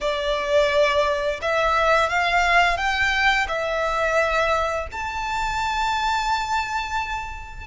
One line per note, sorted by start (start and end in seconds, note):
0.00 1.40 D5
1.41 2.09 E5
2.09 2.77 F5
2.77 3.47 G5
3.48 4.87 E5
4.91 7.67 A5